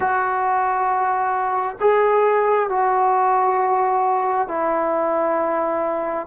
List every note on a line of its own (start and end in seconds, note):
0.00 1.76 F#4
1.80 2.69 G#4
2.69 4.48 F#4
4.48 6.26 E4